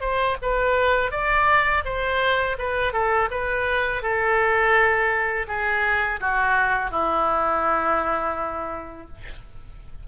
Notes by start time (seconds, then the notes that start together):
0.00 C5
0.41 B4
1.11 D5
1.84 C5
2.58 B4
2.92 A4
3.31 B4
4.02 A4
5.47 G#4
6.20 F#4
6.90 E4